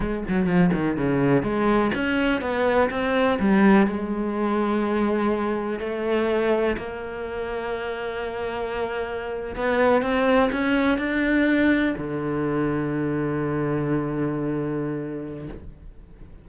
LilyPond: \new Staff \with { instrumentName = "cello" } { \time 4/4 \tempo 4 = 124 gis8 fis8 f8 dis8 cis4 gis4 | cis'4 b4 c'4 g4 | gis1 | a2 ais2~ |
ais2.~ ais8. b16~ | b8. c'4 cis'4 d'4~ d'16~ | d'8. d2.~ d16~ | d1 | }